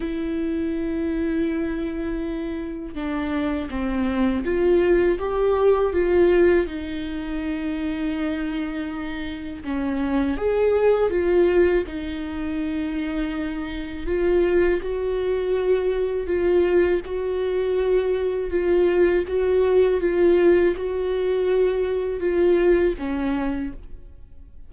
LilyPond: \new Staff \with { instrumentName = "viola" } { \time 4/4 \tempo 4 = 81 e'1 | d'4 c'4 f'4 g'4 | f'4 dis'2.~ | dis'4 cis'4 gis'4 f'4 |
dis'2. f'4 | fis'2 f'4 fis'4~ | fis'4 f'4 fis'4 f'4 | fis'2 f'4 cis'4 | }